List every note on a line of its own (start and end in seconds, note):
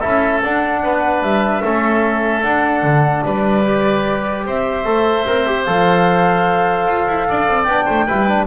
0.00 0.43 C#4
0.00 0.42 E4
0.00 0.81 A4
0.00 0.41 E5
0.43 0.84 D4
0.43 1.63 D4
0.43 1.22 F#5
0.84 1.22 B3
0.84 1.64 B4
1.22 1.62 G3
1.22 2.43 E5
1.63 2.43 A3
1.63 2.44 C#4
1.63 3.25 A4
2.43 2.83 D4
2.43 3.65 D4
2.43 3.23 F#5
2.83 3.23 D3
3.25 4.46 G3
3.25 4.46 B4
3.25 4.46 D5
3.65 4.85 G4
4.46 4.85 C4
4.46 7.28 C5
4.46 5.64 E5
4.85 5.25 A3
4.85 5.26 A4
5.27 5.68 C4
5.27 5.47 A#4
5.47 5.67 G4
5.64 6.87 F3
5.64 7.68 A4
5.64 7.63 F5
6.87 7.07 F4
7.08 7.28 E4
7.29 7.47 D4
7.29 7.85 D5
7.47 7.66 C4
7.63 7.86 B3
7.63 8.44 G5
7.70 8.08 D4
7.85 8.09 A3
7.85 8.05 C5
8.06 8.47 G3
8.06 8.28 E4
8.06 8.47 B4
8.28 8.47 D4